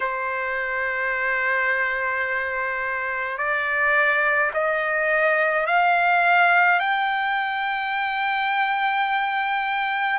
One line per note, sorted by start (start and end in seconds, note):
0.00 3.38 C5
3.38 4.51 D5
4.53 5.66 D#5
5.66 6.79 F5
6.79 10.19 G5